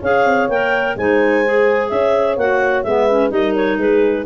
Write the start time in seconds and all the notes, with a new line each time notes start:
0.00 C#4 G#4 C#5 F5
0.25 C4
0.48 A#3 A#4 G5
0.96 G#3 D#4 C5 G#5
1.45 G#4
1.89 C#4 C#5 E5
2.36 A#3 F#4 F#5
2.83 G#3 B3 B4 E5
3.09 C#4
3.29 G3 D#4 A#4 D#5
3.55 C#5
3.77 G#3 G#4 B4